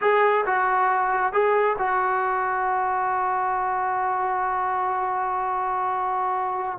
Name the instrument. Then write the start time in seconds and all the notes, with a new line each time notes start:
trombone
0.01 G#4
0.46 F#4
1.32 G#4
1.78 F#4